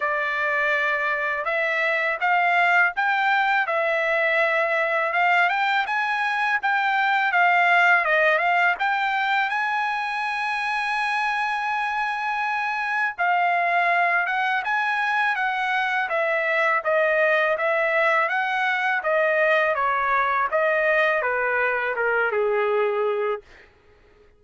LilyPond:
\new Staff \with { instrumentName = "trumpet" } { \time 4/4 \tempo 4 = 82 d''2 e''4 f''4 | g''4 e''2 f''8 g''8 | gis''4 g''4 f''4 dis''8 f''8 | g''4 gis''2.~ |
gis''2 f''4. fis''8 | gis''4 fis''4 e''4 dis''4 | e''4 fis''4 dis''4 cis''4 | dis''4 b'4 ais'8 gis'4. | }